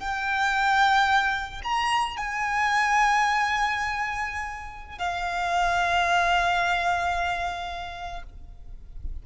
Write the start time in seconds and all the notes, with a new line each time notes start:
0.00 G5
1.64 A#5
2.17 G#5
4.99 F5